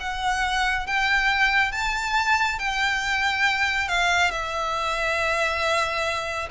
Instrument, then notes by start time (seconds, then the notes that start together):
violin
0.00 F#5
0.87 G5
1.72 A5
2.59 G5
3.89 F5
4.31 E5